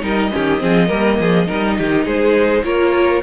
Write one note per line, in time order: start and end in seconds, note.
0.00 0.31 G3
0.00 0.29 D#4
0.00 0.31 A#4
0.06 2.07 D#5
0.32 0.63 D#3
0.32 0.58 C#4
0.32 0.62 G4
0.58 0.89 F3
0.58 0.87 C4
0.58 0.88 G#4
0.87 1.18 G3
0.87 1.45 A#3
0.87 1.17 A#4
1.19 1.48 F3
1.19 1.47 G#4
1.47 1.79 G3
1.47 2.63 D#4
1.47 1.77 A#4
1.77 2.05 D#3
1.77 2.05 G4
2.05 2.63 G#3
2.05 2.63 G#4
2.05 2.64 C5
2.63 3.22 A#3
2.63 3.22 F4
2.63 3.23 A#4
2.63 3.22 C#5